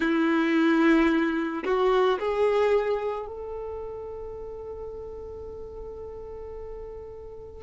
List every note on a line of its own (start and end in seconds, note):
0.00 1.64 E4
1.64 2.18 F#4
2.19 3.27 G#4
3.27 7.62 A4